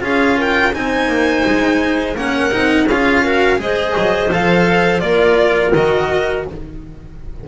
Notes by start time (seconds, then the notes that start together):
0.00 C#4 F4 G#4 F5
0.37 A#4 G5
0.73 C4 D#4 C5 G#5
1.08 A#3
1.45 G#3
2.15 A#3 C#4 A#4 F#5
2.51 C4 D#4
2.85 C#4 G#4 F5
2.92 F4
3.23 F#4 A#4
3.57 G#3 G#4 C5 D#5
3.97 F#3
4.32 F3 A4 F5
5.00 A#3 F4 A#4 D5
5.74 D#3 F#4 D#5